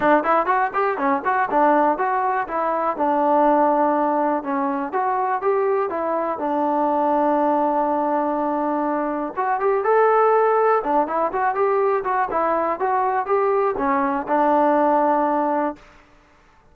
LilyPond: \new Staff \with { instrumentName = "trombone" } { \time 4/4 \tempo 4 = 122 d'8 e'8 fis'8 g'8 cis'8 fis'8 d'4 | fis'4 e'4 d'2~ | d'4 cis'4 fis'4 g'4 | e'4 d'2.~ |
d'2. fis'8 g'8 | a'2 d'8 e'8 fis'8 g'8~ | g'8 fis'8 e'4 fis'4 g'4 | cis'4 d'2. | }